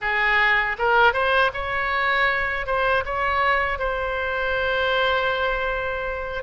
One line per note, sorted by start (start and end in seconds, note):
0.01 0.77 G#4
0.78 1.13 A#4
1.13 1.51 C5
1.53 2.66 C#5
2.66 3.04 C5
3.05 3.78 C#5
3.78 6.43 C5